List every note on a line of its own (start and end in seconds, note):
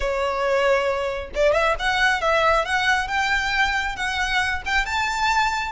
0.00 1.30 C#5
1.35 1.53 D5
1.53 1.75 E5
1.79 2.21 F#5
2.21 2.65 E5
2.65 3.07 F#5
3.07 3.95 G5
3.96 4.62 F#5
4.65 4.85 G5
4.85 5.72 A5